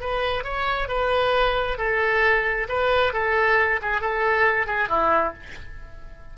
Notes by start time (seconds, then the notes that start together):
0.00 B4
0.44 C#5
0.88 B4
1.78 A4
2.68 B4
3.13 A4
3.82 G#4
4.01 A4
4.66 G#4
4.88 E4